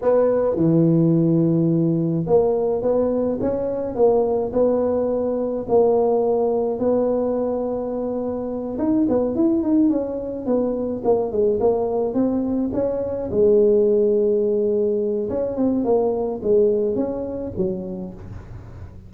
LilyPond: \new Staff \with { instrumentName = "tuba" } { \time 4/4 \tempo 4 = 106 b4 e2. | ais4 b4 cis'4 ais4 | b2 ais2 | b2.~ b8 dis'8 |
b8 e'8 dis'8 cis'4 b4 ais8 | gis8 ais4 c'4 cis'4 gis8~ | gis2. cis'8 c'8 | ais4 gis4 cis'4 fis4 | }